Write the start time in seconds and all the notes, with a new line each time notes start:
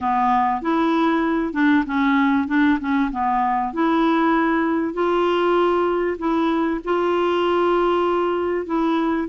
0.01 B3
0.61 E4
1.53 D4
1.86 C#4
2.47 D4
2.79 C#4
3.11 B3
3.73 E4
4.93 F4
6.18 E4
6.84 F4
8.66 E4